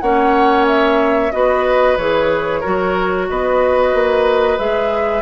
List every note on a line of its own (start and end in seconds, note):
0.00 1.32 A#3
0.00 1.32 C#4
0.00 1.32 C#5
0.00 0.65 F#5
0.67 1.32 E5
1.32 1.97 B3
1.32 1.97 F#4
1.32 2.60 B4
1.32 1.97 D#5
1.97 2.62 E3
1.97 2.63 G#4
1.97 3.27 C#5
2.60 3.29 F#3
2.60 4.58 F#4
2.60 3.25 A#4
3.29 3.94 B3
3.29 5.22 B4
3.29 4.58 D#5
3.94 4.58 A#3
4.58 5.22 G#3
4.58 5.22 G#4
4.58 5.22 E5